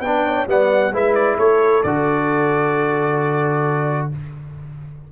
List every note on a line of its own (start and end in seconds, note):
0.00 0.45 B3
0.00 0.47 D4
0.00 0.26 B4
0.00 0.46 G5
0.26 0.48 C#5
0.46 0.92 G3
0.46 0.92 B3
0.46 0.93 D5
0.46 0.95 F#5
0.92 1.37 G#3
0.92 1.84 E4
0.92 1.38 B4
0.92 1.14 E5
1.14 1.37 D5
1.38 1.83 A3
1.38 4.09 A4
1.38 1.83 C#5
1.83 4.09 D3
1.83 4.12 F#4
1.83 4.09 D5